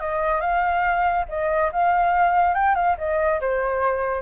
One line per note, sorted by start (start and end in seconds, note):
0.00 0.41 D#5
0.41 1.25 F5
1.29 1.71 D#5
1.72 2.54 F5
2.54 2.75 G5
2.75 2.96 F5
2.98 3.40 D#5
3.41 4.22 C5